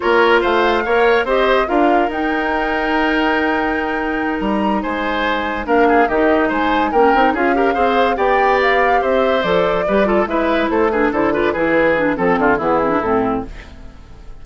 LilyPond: <<
  \new Staff \with { instrumentName = "flute" } { \time 4/4 \tempo 4 = 143 cis''4 f''2 dis''4 | f''4 g''2.~ | g''2~ g''8 ais''4 gis''8~ | gis''4. f''4 dis''4 gis''8~ |
gis''8 g''4 f''2 g''8~ | g''8 f''4 e''4 d''4.~ | d''8 e''4 c''8 b'8 c''8 d''8 b'8~ | b'4 a'4 gis'4 a'4 | }
  \new Staff \with { instrumentName = "oboe" } { \time 4/4 ais'4 c''4 cis''4 c''4 | ais'1~ | ais'2.~ ais'8 c''8~ | c''4. ais'8 gis'8 g'4 c''8~ |
c''8 ais'4 gis'8 ais'8 c''4 d''8~ | d''4. c''2 b'8 | a'8 b'4 a'8 gis'8 a'8 b'8 gis'8~ | gis'4 a'8 f'8 e'2 | }
  \new Staff \with { instrumentName = "clarinet" } { \time 4/4 f'2 ais'4 g'4 | f'4 dis'2.~ | dis'1~ | dis'4. d'4 dis'4.~ |
dis'8 cis'8 dis'8 f'8 g'8 gis'4 g'8~ | g'2~ g'8 a'4 g'8 | f'8 e'4. d'8 e'8 f'8 e'8~ | e'8 d'8 c'4 b8 c'16 d'16 c'4 | }
  \new Staff \with { instrumentName = "bassoon" } { \time 4/4 ais4 a4 ais4 c'4 | d'4 dis'2.~ | dis'2~ dis'8 g4 gis8~ | gis4. ais4 dis4 gis8~ |
gis8 ais8 c'8 cis'4 c'4 b8~ | b4. c'4 f4 g8~ | g8 gis4 a4 d4 e8~ | e4 f8 d8 e4 a,4 | }
>>